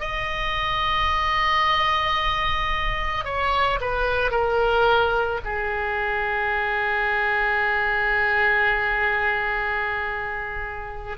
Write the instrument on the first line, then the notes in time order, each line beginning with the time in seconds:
oboe
0.00 D#5
3.25 C#5
3.80 B4
4.31 A#4
5.45 G#4